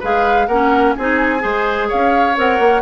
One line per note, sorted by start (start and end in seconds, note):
0.00 0.48 G#3
0.00 0.49 G#4
0.00 0.47 B4
0.00 0.47 F5
0.47 0.95 A#3
0.47 0.99 C#4
0.47 0.95 A#4
0.47 0.94 F#5
0.96 1.44 C4
0.96 1.40 D#4
0.96 1.43 G#4
0.96 1.90 G#5
1.40 1.91 G#3
1.40 2.33 G#4
1.40 1.89 C5
1.89 2.38 C#4
1.89 2.82 C#5
1.89 2.38 F5
2.37 2.59 C4
2.37 2.82 A#4
2.37 2.82 F#5
2.59 2.82 A#3